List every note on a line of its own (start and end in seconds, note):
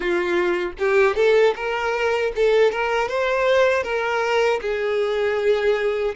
0.00 0.73 F4
0.79 1.15 G4
1.15 1.54 A4
1.55 2.32 A#4
2.35 2.71 A4
2.71 3.08 A#4
3.08 3.83 C5
3.83 4.60 A#4
4.61 6.15 G#4